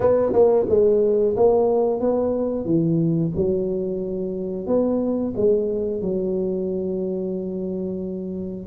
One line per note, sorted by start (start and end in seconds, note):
0.00 0.32 B3
0.32 0.66 A#3
0.68 1.35 G#3
1.36 2.00 A#3
2.00 2.65 B3
2.65 3.32 E3
3.35 4.66 F#3
4.66 5.33 B3
5.36 6.02 G#3
6.02 8.66 F#3